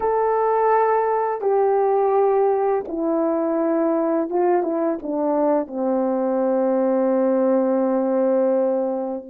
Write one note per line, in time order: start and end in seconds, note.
0.00 1.41 A4
1.41 2.83 G4
2.88 4.29 E4
4.29 4.62 F4
4.62 4.98 E4
5.02 5.67 D4
5.67 9.24 C4